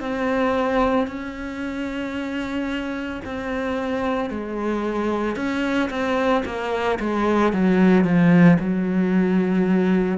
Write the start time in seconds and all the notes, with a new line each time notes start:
0.00 C4
1.07 C#4
3.25 C4
4.30 G#3
5.36 C#4
5.90 C4
6.45 A#3
6.99 G#3
7.52 F#3
8.04 F3
8.60 F#3